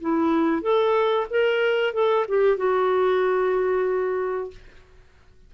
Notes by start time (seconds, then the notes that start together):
0.00 E4
0.62 A4
1.30 A#4
1.93 A4
2.28 G4
2.57 F#4